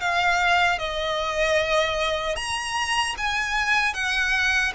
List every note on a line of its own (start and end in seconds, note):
0.00 0.79 F5
0.79 2.36 D#5
2.36 3.15 A#5
3.18 3.94 G#5
3.94 4.73 F#5